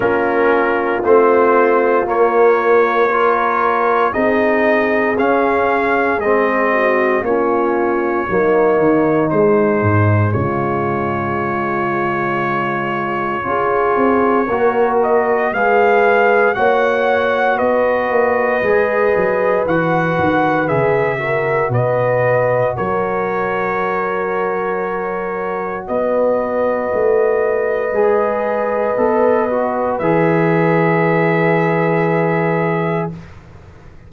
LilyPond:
<<
  \new Staff \with { instrumentName = "trumpet" } { \time 4/4 \tempo 4 = 58 ais'4 c''4 cis''2 | dis''4 f''4 dis''4 cis''4~ | cis''4 c''4 cis''2~ | cis''2~ cis''8 dis''8 f''4 |
fis''4 dis''2 fis''4 | e''4 dis''4 cis''2~ | cis''4 dis''2.~ | dis''4 e''2. | }
  \new Staff \with { instrumentName = "horn" } { \time 4/4 f'2. ais'4 | gis'2~ gis'8 fis'8 f'4 | dis'2 f'2~ | f'4 gis'4 ais'4 b'4 |
cis''4 b'2.~ | b'8 ais'8 b'4 ais'2~ | ais'4 b'2.~ | b'1 | }
  \new Staff \with { instrumentName = "trombone" } { \time 4/4 cis'4 c'4 ais4 f'4 | dis'4 cis'4 c'4 cis'4 | ais4 gis2.~ | gis4 f'4 fis'4 gis'4 |
fis'2 gis'4 fis'4 | gis'8 fis'2.~ fis'8~ | fis'2. gis'4 | a'8 fis'8 gis'2. | }
  \new Staff \with { instrumentName = "tuba" } { \time 4/4 ais4 a4 ais2 | c'4 cis'4 gis4 ais4 | fis8 dis8 gis8 gis,8 cis2~ | cis4 cis'8 c'8 ais4 gis4 |
ais4 b8 ais8 gis8 fis8 e8 dis8 | cis4 b,4 fis2~ | fis4 b4 a4 gis4 | b4 e2. | }
>>